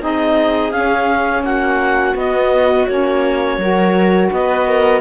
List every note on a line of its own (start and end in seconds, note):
0.00 0.72 C4
0.00 0.71 D#4
0.00 1.44 G#4
0.00 0.71 D#5
0.71 1.43 C#4
0.71 2.14 C#4
0.71 1.43 F5
1.43 2.14 A#3
1.43 3.60 F#4
1.43 2.15 F#5
2.14 2.85 B3
2.14 2.86 B3
2.14 2.86 D#5
2.86 3.57 A#3
2.86 3.60 C#4
2.86 4.29 C#5
3.57 4.29 F#3
3.57 5.00 F#4
3.57 4.31 A#4
4.32 5.00 B3
4.32 4.67 B4
4.32 5.00 D#5
4.67 5.00 A#4